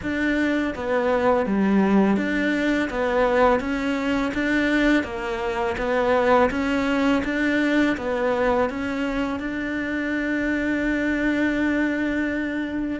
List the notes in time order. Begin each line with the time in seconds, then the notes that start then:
0.02 D4
0.75 B3
1.46 G3
2.17 D4
2.89 B3
3.59 C#4
4.34 D4
5.03 A#3
5.77 B3
6.50 C#4
7.24 D4
7.97 B3
8.69 C#4
9.39 D4